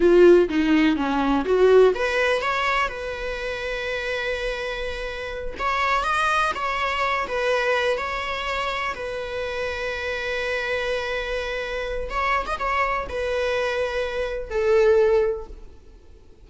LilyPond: \new Staff \with { instrumentName = "viola" } { \time 4/4 \tempo 4 = 124 f'4 dis'4 cis'4 fis'4 | b'4 cis''4 b'2~ | b'2.~ b'8 cis''8~ | cis''8 dis''4 cis''4. b'4~ |
b'8 cis''2 b'4.~ | b'1~ | b'4 cis''8. dis''16 cis''4 b'4~ | b'2 a'2 | }